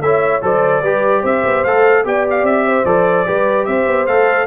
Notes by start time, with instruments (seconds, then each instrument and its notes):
0.00 tuba A3, trombone E4, horn C#5, trumpet E5
0.42 tuba F#3, trombone A4, horn C5, trumpet D5
0.82 tuba G3, trombone G4, horn B4
1.21 tuba C4, horn C5, trumpet E5
1.44 tuba B3
1.64 tuba A3, trombone A4, trumpet F5
2.04 tuba B3, trombone G4, horn D5, trumpet G5
2.29 trumpet F5
2.42 tuba C4, trumpet E5
2.66 horn C5
2.85 tuba F3, trombone A4, trumpet D5
3.26 tuba G3, trombone G4, horn B4
3.65 tuba C4, horn C5, trumpet E5
3.86 tuba B3
4.06 tuba A3, trombone A4, trumpet F5